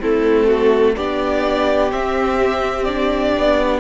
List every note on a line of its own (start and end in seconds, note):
0.00 0.97 A3
0.00 0.95 C4
0.00 0.47 E4
0.00 0.96 A4
0.47 0.95 F#4
0.96 1.92 B3
0.96 1.90 D4
0.96 3.80 G4
0.96 1.92 D5
1.90 2.85 C4
1.90 3.37 C4
1.90 2.84 E5
2.84 3.80 D4
2.84 3.79 D5
3.37 3.80 B3